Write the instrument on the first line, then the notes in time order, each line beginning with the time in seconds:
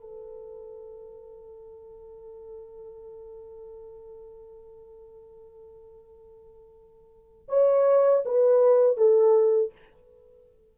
horn
0.00 A4
7.49 C#5
8.25 B4
8.97 A4